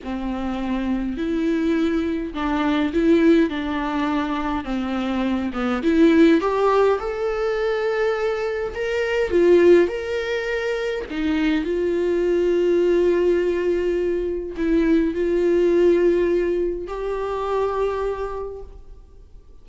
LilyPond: \new Staff \with { instrumentName = "viola" } { \time 4/4 \tempo 4 = 103 c'2 e'2 | d'4 e'4 d'2 | c'4. b8 e'4 g'4 | a'2. ais'4 |
f'4 ais'2 dis'4 | f'1~ | f'4 e'4 f'2~ | f'4 g'2. | }